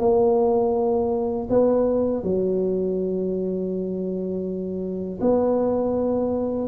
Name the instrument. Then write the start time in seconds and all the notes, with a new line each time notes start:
tuba
0.00 A#3
1.50 B3
2.24 F#3
5.21 B3